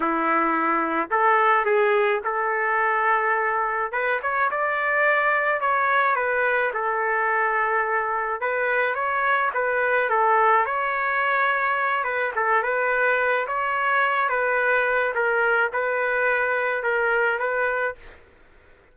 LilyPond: \new Staff \with { instrumentName = "trumpet" } { \time 4/4 \tempo 4 = 107 e'2 a'4 gis'4 | a'2. b'8 cis''8 | d''2 cis''4 b'4 | a'2. b'4 |
cis''4 b'4 a'4 cis''4~ | cis''4. b'8 a'8 b'4. | cis''4. b'4. ais'4 | b'2 ais'4 b'4 | }